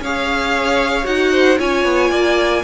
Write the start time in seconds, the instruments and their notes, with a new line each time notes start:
0.00 cello C#4, viola G#4, violin C#5 F5
1.04 cello D#4, viola F#4, violin F#5
1.32 violin C5
1.58 cello C#4, viola F4, violin C#5 G#5
1.85 cello B3
2.10 cello A#3, violin D5